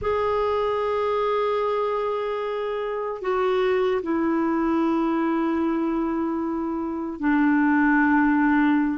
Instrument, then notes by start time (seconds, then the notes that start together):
clarinet
0.01 G#4
3.21 F#4
4.02 E4
7.19 D4